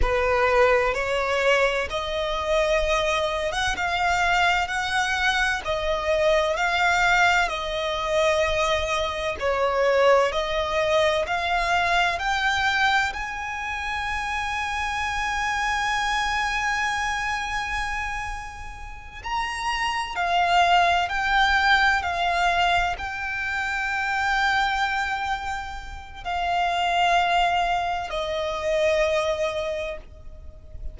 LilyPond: \new Staff \with { instrumentName = "violin" } { \time 4/4 \tempo 4 = 64 b'4 cis''4 dis''4.~ dis''16 fis''16 | f''4 fis''4 dis''4 f''4 | dis''2 cis''4 dis''4 | f''4 g''4 gis''2~ |
gis''1~ | gis''8 ais''4 f''4 g''4 f''8~ | f''8 g''2.~ g''8 | f''2 dis''2 | }